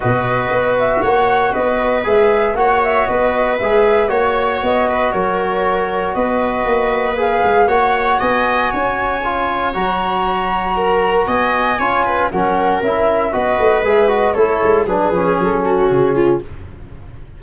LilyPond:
<<
  \new Staff \with { instrumentName = "flute" } { \time 4/4 \tempo 4 = 117 dis''4. e''8 fis''4 dis''4 | e''4 fis''8 e''8 dis''4 e''4 | cis''4 dis''4 cis''2 | dis''2 f''4 fis''4 |
gis''2. ais''4~ | ais''2 gis''2 | fis''4 e''4 dis''4 e''8 dis''8 | cis''4 b'4 a'4 gis'4 | }
  \new Staff \with { instrumentName = "viola" } { \time 4/4 b'2 cis''4 b'4~ | b'4 cis''4 b'2 | cis''4. b'8 ais'2 | b'2. cis''4 |
dis''4 cis''2.~ | cis''4 ais'4 dis''4 cis''8 b'8 | ais'2 b'2 | a'4 gis'4. fis'4 f'8 | }
  \new Staff \with { instrumentName = "trombone" } { \time 4/4 fis'1 | gis'4 fis'2 gis'4 | fis'1~ | fis'2 gis'4 fis'4~ |
fis'2 f'4 fis'4~ | fis'2. f'4 | cis'4 e'4 fis'4 gis'8 fis'8 | e'4 d'8 cis'2~ cis'8 | }
  \new Staff \with { instrumentName = "tuba" } { \time 4/4 b,4 b4 ais4 b4 | gis4 ais4 b4 gis4 | ais4 b4 fis2 | b4 ais4. gis8 ais4 |
b4 cis'2 fis4~ | fis2 b4 cis'4 | fis4 cis'4 b8 a8 gis4 | a8 gis8 fis8 f8 fis4 cis4 | }
>>